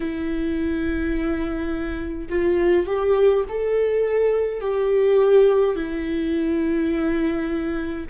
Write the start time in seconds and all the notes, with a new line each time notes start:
0.00 E4
2.29 F4
2.86 G4
3.49 A4
4.60 G4
5.75 E4